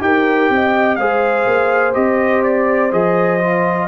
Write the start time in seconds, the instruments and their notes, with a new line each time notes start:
0.00 tuba D#4, trombone G4, horn A#4, trumpet G5
0.49 tuba C4, horn D#5
0.96 tuba G#3, trombone G#4, horn C5, trumpet F5
1.46 tuba A#3
1.93 tuba C4, trombone G4, trumpet D#5
2.43 trumpet D5
2.91 tuba F3, trombone G#4, trumpet D#5
3.40 trombone F4